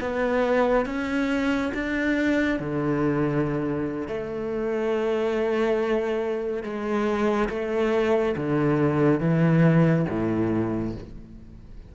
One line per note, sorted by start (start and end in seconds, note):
0.00 0.85 B3
0.85 1.71 C#4
1.74 2.59 D4
2.59 4.07 D3
4.07 6.63 A3
6.63 7.48 G#3
7.49 8.35 A3
8.36 9.19 D3
9.19 10.05 E3
10.09 10.94 A2